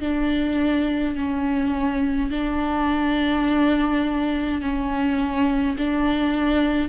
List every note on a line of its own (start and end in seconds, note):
0.00 1.15 D4
1.16 2.31 C#4
2.31 4.61 D4
4.61 5.76 C#4
5.78 6.89 D4